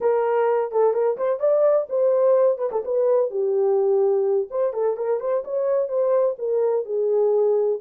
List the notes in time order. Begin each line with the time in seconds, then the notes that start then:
0.00 A#4
0.71 A4
0.93 A#4
1.17 C5
1.39 D5
1.89 C5
2.58 B4
2.71 A4
2.85 B4
3.30 G4
4.50 C5
4.73 A4
4.96 A#4
5.20 C5
5.44 C#5
5.88 C5
6.38 A#4
6.85 G#4